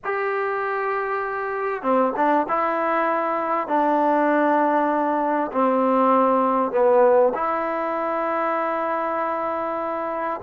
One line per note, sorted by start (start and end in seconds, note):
0.04 1.82 G4
1.82 2.13 C4
2.16 2.47 D4
2.48 3.67 E4
3.67 5.51 D4
5.52 6.71 C4
6.71 7.32 B3
7.34 10.40 E4